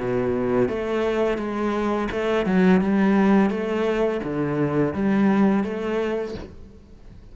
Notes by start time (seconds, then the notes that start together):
0.00 B2
0.69 A3
1.38 G#3
2.12 A3
2.46 F#3
2.81 G3
3.50 A3
4.24 D3
4.94 G3
5.64 A3